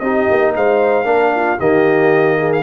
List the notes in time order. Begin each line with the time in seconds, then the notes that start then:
0.00 C4 D#4 G4 D#5
0.31 A#3
0.56 G#3 C5 F5
1.05 A#3 D4 A#4
1.36 F4
1.59 D#3 A#3 G4 D#5
2.38 G#4
2.53 F5